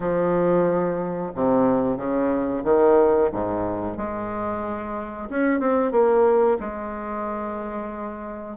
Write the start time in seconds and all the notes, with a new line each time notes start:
0.00 F3
1.35 C3
1.97 C#3
2.64 D#3
3.31 G#2
3.97 G#3
5.29 C#4
5.60 C4
5.91 A#3
6.59 G#3